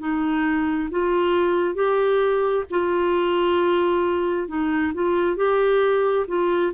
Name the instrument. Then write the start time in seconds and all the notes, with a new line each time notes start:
clarinet
0.00 D#4
0.91 F4
1.75 G4
2.71 F4
4.48 D#4
4.94 F4
5.36 G4
6.28 F4